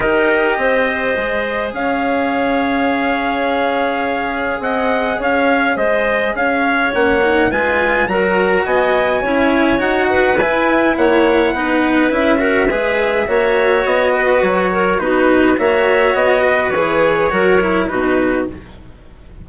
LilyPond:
<<
  \new Staff \with { instrumentName = "trumpet" } { \time 4/4 \tempo 4 = 104 dis''2. f''4~ | f''1 | fis''4 f''4 dis''4 f''4 | fis''4 gis''4 ais''4 gis''4~ |
gis''4 fis''4 gis''4 fis''4~ | fis''4 e''2. | dis''4 cis''4 b'4 e''4 | dis''4 cis''2 b'4 | }
  \new Staff \with { instrumentName = "clarinet" } { \time 4/4 ais'4 c''2 cis''4~ | cis''1 | dis''4 cis''4 c''4 cis''4~ | cis''4 b'4 ais'4 dis''4 |
cis''4. b'4. cis''4 | b'4. ais'8 b'4 cis''4~ | cis''8 b'4 ais'8 fis'4 cis''4~ | cis''8 b'4. ais'4 fis'4 | }
  \new Staff \with { instrumentName = "cello" } { \time 4/4 g'2 gis'2~ | gis'1~ | gis'1 | cis'8 dis'8 f'4 fis'2 |
e'4 fis'4 e'2 | dis'4 e'8 fis'8 gis'4 fis'4~ | fis'2 dis'4 fis'4~ | fis'4 gis'4 fis'8 e'8 dis'4 | }
  \new Staff \with { instrumentName = "bassoon" } { \time 4/4 dis'4 c'4 gis4 cis'4~ | cis'1 | c'4 cis'4 gis4 cis'4 | ais4 gis4 fis4 b4 |
cis'4 dis'4 e'4 ais4 | b4 cis'4 gis4 ais4 | b4 fis4 b4 ais4 | b4 e4 fis4 b,4 | }
>>